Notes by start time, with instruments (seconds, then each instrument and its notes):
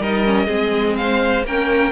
0.00 cello G3, viola D#4, violin A#4 D#5
0.25 viola C#4
0.47 cello G#3, viola C4, violin G#4
0.97 violin C5 F5
1.44 cello A#3, viola C#4, violin A#4 G5